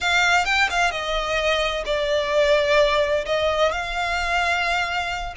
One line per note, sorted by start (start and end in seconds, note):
0.01 0.45 F5
0.45 0.68 G5
0.70 0.91 F5
0.91 1.84 D#5
1.85 3.25 D5
3.25 3.71 D#5
3.71 5.34 F5